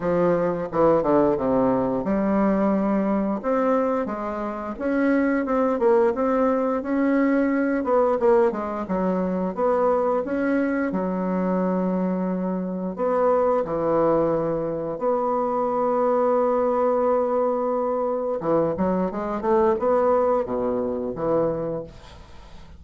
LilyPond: \new Staff \with { instrumentName = "bassoon" } { \time 4/4 \tempo 4 = 88 f4 e8 d8 c4 g4~ | g4 c'4 gis4 cis'4 | c'8 ais8 c'4 cis'4. b8 | ais8 gis8 fis4 b4 cis'4 |
fis2. b4 | e2 b2~ | b2. e8 fis8 | gis8 a8 b4 b,4 e4 | }